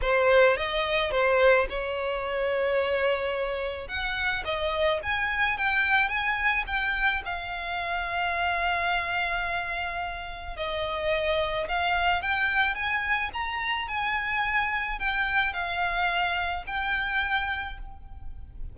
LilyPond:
\new Staff \with { instrumentName = "violin" } { \time 4/4 \tempo 4 = 108 c''4 dis''4 c''4 cis''4~ | cis''2. fis''4 | dis''4 gis''4 g''4 gis''4 | g''4 f''2.~ |
f''2. dis''4~ | dis''4 f''4 g''4 gis''4 | ais''4 gis''2 g''4 | f''2 g''2 | }